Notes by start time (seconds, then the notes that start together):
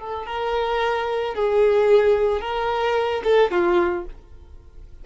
0.00 A4
0.27 A#4
1.35 G#4
2.41 A#4
3.24 A4
3.52 F4